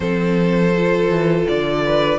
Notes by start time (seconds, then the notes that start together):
0.00 F3 C4 A4 C5
0.77 F4
1.09 E3
1.47 D3 D5
1.85 B4